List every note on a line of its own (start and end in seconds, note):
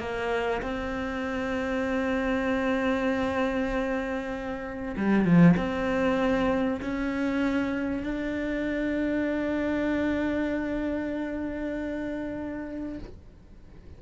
0.00 0.62 A#3
0.62 4.95 C4
4.97 5.25 G3
5.25 5.56 F3
5.57 6.81 C4
6.82 8.04 C#4
8.04 12.98 D4